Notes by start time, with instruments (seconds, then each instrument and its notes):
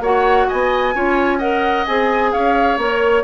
0.00 bassoon A#3, clarinet F#4, oboe C#5, flute F#5
0.48 bassoon B3, oboe D#5, flute G#5
0.95 bassoon C#4, clarinet F4, oboe C#5
1.38 clarinet A#4, oboe D#5, flute F#5
1.86 bassoon C4, clarinet G#4, flute G#5
2.32 bassoon C#4, oboe C#5, flute F5
2.77 bassoon A#3, clarinet A#4, flute C#5